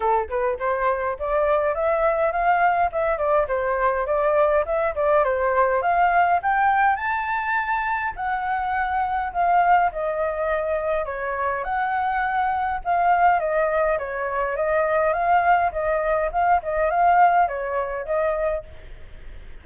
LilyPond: \new Staff \with { instrumentName = "flute" } { \time 4/4 \tempo 4 = 103 a'8 b'8 c''4 d''4 e''4 | f''4 e''8 d''8 c''4 d''4 | e''8 d''8 c''4 f''4 g''4 | a''2 fis''2 |
f''4 dis''2 cis''4 | fis''2 f''4 dis''4 | cis''4 dis''4 f''4 dis''4 | f''8 dis''8 f''4 cis''4 dis''4 | }